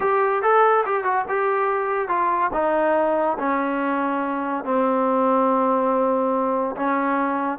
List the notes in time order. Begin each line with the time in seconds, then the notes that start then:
0.00 G4
0.42 A4
0.85 G4
1.04 F#4
1.28 G4
2.08 F4
2.53 D#4
3.38 C#4
4.64 C4
6.76 C#4